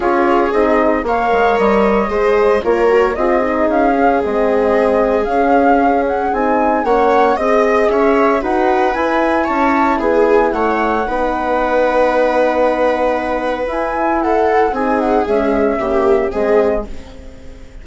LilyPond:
<<
  \new Staff \with { instrumentName = "flute" } { \time 4/4 \tempo 4 = 114 cis''4 dis''4 f''4 dis''4~ | dis''4 cis''4 dis''4 f''4 | dis''2 f''4. fis''8 | gis''4 fis''4 dis''4 e''4 |
fis''4 gis''4 a''4 gis''4 | fis''1~ | fis''2 gis''4 fis''4 | gis''8 fis''8 e''2 dis''4 | }
  \new Staff \with { instrumentName = "viola" } { \time 4/4 gis'2 cis''2 | c''4 ais'4 gis'2~ | gis'1~ | gis'4 cis''4 dis''4 cis''4 |
b'2 cis''4 gis'4 | cis''4 b'2.~ | b'2. a'4 | gis'2 g'4 gis'4 | }
  \new Staff \with { instrumentName = "horn" } { \time 4/4 f'4 dis'4 ais'2 | gis'4 f'8 fis'8 f'8 dis'4 cis'8 | c'2 cis'2 | dis'4 cis'4 gis'2 |
fis'4 e'2.~ | e'4 dis'2.~ | dis'2 e'2 | dis'4 gis4 ais4 c'4 | }
  \new Staff \with { instrumentName = "bassoon" } { \time 4/4 cis'4 c'4 ais8 gis8 g4 | gis4 ais4 c'4 cis'4 | gis2 cis'2 | c'4 ais4 c'4 cis'4 |
dis'4 e'4 cis'4 b4 | a4 b2.~ | b2 e'2 | c'4 cis'4 cis4 gis4 | }
>>